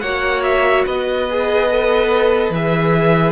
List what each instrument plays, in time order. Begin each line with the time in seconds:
0.00 cello A#3, viola F#4, violin C#5 F#5
0.42 violin E5
0.86 cello B3, violin B4 D#5
1.29 viola G#4
1.70 viola A4
2.50 cello E3, viola G#4, violin E5